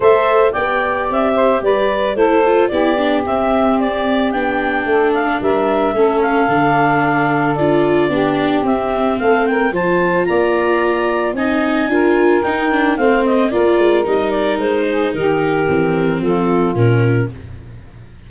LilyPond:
<<
  \new Staff \with { instrumentName = "clarinet" } { \time 4/4 \tempo 4 = 111 e''4 g''4 e''4 d''4 | c''4 d''4 e''4 d''4 | g''4. f''8 e''4. f''8~ | f''2 d''2 |
e''4 f''8 g''8 a''4 ais''4~ | ais''4 gis''2 g''4 | f''8 dis''8 d''4 dis''8 d''8 c''4 | ais'2 a'4 ais'4 | }
  \new Staff \with { instrumentName = "saxophone" } { \time 4/4 c''4 d''4. c''8 b'4 | a'4 g'2.~ | g'4 a'4 ais'4 a'4~ | a'2. g'4~ |
g'4 a'8 ais'8 c''4 d''4~ | d''4 dis''4 ais'2 | c''4 ais'2~ ais'8 gis'8 | g'2 f'2 | }
  \new Staff \with { instrumentName = "viola" } { \time 4/4 a'4 g'2. | e'8 f'8 e'8 d'8 c'2 | d'2. cis'4 | d'2 f'4 d'4 |
c'2 f'2~ | f'4 dis'4 f'4 dis'8 d'8 | c'4 f'4 dis'2~ | dis'4 c'2 cis'4 | }
  \new Staff \with { instrumentName = "tuba" } { \time 4/4 a4 b4 c'4 g4 | a4 b4 c'2 | b4 a4 g4 a4 | d2 d'4 b4 |
c'4 a4 f4 ais4~ | ais4 c'4 d'4 dis'4 | a4 ais8 gis8 g4 gis4 | dis4 e4 f4 ais,4 | }
>>